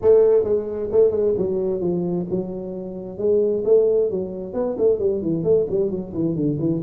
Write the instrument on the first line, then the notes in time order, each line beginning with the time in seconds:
tuba
0.01 A3
0.44 G#3
0.91 A3
1.11 G#3
1.37 F#3
1.81 F3
2.30 F#3
3.18 G#3
3.64 A3
4.10 F#3
4.53 B3
4.78 A3
4.99 G3
5.21 E3
5.43 A3
5.70 G3
5.90 F#3
6.13 E3
6.35 D3
6.59 E3